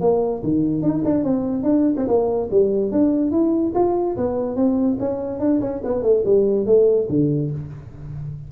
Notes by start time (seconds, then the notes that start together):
0.00 A#3
0.43 D#3
0.82 D#4
1.04 D4
1.23 C4
1.63 D4
1.97 C4
2.07 A#3
2.51 G3
2.91 D4
3.31 E4
3.74 F4
4.16 B3
4.56 C4
4.99 C#4
5.39 D4
5.60 C#4
5.84 B3
6.02 A3
6.25 G3
6.66 A3
7.09 D3